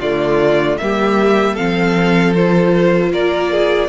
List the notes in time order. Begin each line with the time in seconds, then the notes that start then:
0.00 D3 A3 F4 D5
0.78 G3 A#3 G4 E5
1.55 F3 C4 A4 F5
2.34 F4 C5
3.12 A#3 A#4 D5
3.52 G#4